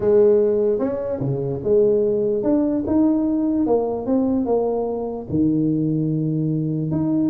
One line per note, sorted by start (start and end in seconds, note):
0.00 0.79 G#3
0.79 1.19 C#4
1.20 1.60 C#3
1.63 2.43 G#3
2.43 2.83 D4
2.86 3.66 D#4
3.66 4.05 A#3
4.05 4.45 C4
4.45 5.26 A#3
5.29 6.91 D#3
6.91 7.29 D#4